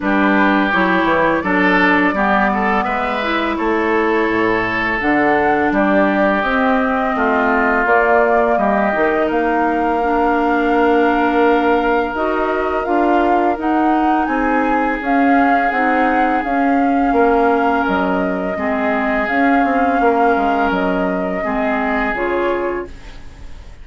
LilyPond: <<
  \new Staff \with { instrumentName = "flute" } { \time 4/4 \tempo 4 = 84 b'4 cis''4 d''2 | e''4 cis''2 fis''4 | d''4 dis''2 d''4 | dis''4 f''2.~ |
f''4 dis''4 f''4 fis''4 | gis''4 f''4 fis''4 f''4~ | f''4 dis''2 f''4~ | f''4 dis''2 cis''4 | }
  \new Staff \with { instrumentName = "oboe" } { \time 4/4 g'2 a'4 g'8 a'8 | b'4 a'2. | g'2 f'2 | g'4 ais'2.~ |
ais'1 | gis'1 | ais'2 gis'2 | ais'2 gis'2 | }
  \new Staff \with { instrumentName = "clarinet" } { \time 4/4 d'4 e'4 d'4 b4~ | b8 e'2~ e'8 d'4~ | d'4 c'2 ais4~ | ais8 dis'4. d'2~ |
d'4 fis'4 f'4 dis'4~ | dis'4 cis'4 dis'4 cis'4~ | cis'2 c'4 cis'4~ | cis'2 c'4 f'4 | }
  \new Staff \with { instrumentName = "bassoon" } { \time 4/4 g4 fis8 e8 fis4 g4 | gis4 a4 a,4 d4 | g4 c'4 a4 ais4 | g8 dis8 ais2.~ |
ais4 dis'4 d'4 dis'4 | c'4 cis'4 c'4 cis'4 | ais4 fis4 gis4 cis'8 c'8 | ais8 gis8 fis4 gis4 cis4 | }
>>